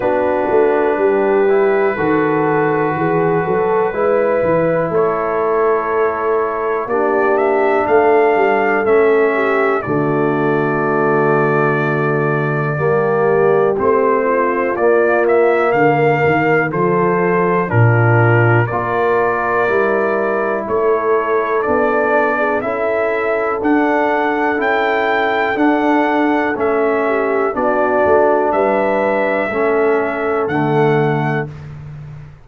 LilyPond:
<<
  \new Staff \with { instrumentName = "trumpet" } { \time 4/4 \tempo 4 = 61 b'1~ | b'4 cis''2 d''8 e''8 | f''4 e''4 d''2~ | d''2 c''4 d''8 e''8 |
f''4 c''4 ais'4 d''4~ | d''4 cis''4 d''4 e''4 | fis''4 g''4 fis''4 e''4 | d''4 e''2 fis''4 | }
  \new Staff \with { instrumentName = "horn" } { \time 4/4 fis'4 g'4 a'4 gis'8 a'8 | b'4 a'2 g'4 | a'4. g'8 fis'2~ | fis'4 g'4. f'4. |
ais'4 a'4 f'4 ais'4~ | ais'4 a'4.~ a'16 gis'16 a'4~ | a'2.~ a'8 g'8 | fis'4 b'4 a'2 | }
  \new Staff \with { instrumentName = "trombone" } { \time 4/4 d'4. e'8 fis'2 | e'2. d'4~ | d'4 cis'4 a2~ | a4 ais4 c'4 ais4~ |
ais4 f'4 d'4 f'4 | e'2 d'4 e'4 | d'4 e'4 d'4 cis'4 | d'2 cis'4 a4 | }
  \new Staff \with { instrumentName = "tuba" } { \time 4/4 b8 a8 g4 dis4 e8 fis8 | gis8 e8 a2 ais4 | a8 g8 a4 d2~ | d4 g4 a4 ais4 |
d8 dis8 f4 ais,4 ais4 | g4 a4 b4 cis'4 | d'4 cis'4 d'4 a4 | b8 a8 g4 a4 d4 | }
>>